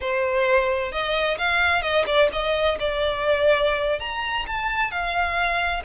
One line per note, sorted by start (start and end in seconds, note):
0.01 0.92 C5
0.92 1.37 D#5
1.38 1.82 F5
1.82 2.04 D#5
2.06 2.29 D5
2.32 2.78 D#5
2.79 3.99 D5
3.99 4.45 A#5
4.47 4.91 A5
4.91 5.83 F5